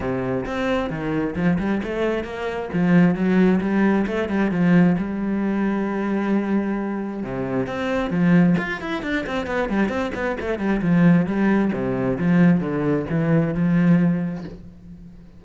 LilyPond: \new Staff \with { instrumentName = "cello" } { \time 4/4 \tempo 4 = 133 c4 c'4 dis4 f8 g8 | a4 ais4 f4 fis4 | g4 a8 g8 f4 g4~ | g1 |
c4 c'4 f4 f'8 e'8 | d'8 c'8 b8 g8 c'8 b8 a8 g8 | f4 g4 c4 f4 | d4 e4 f2 | }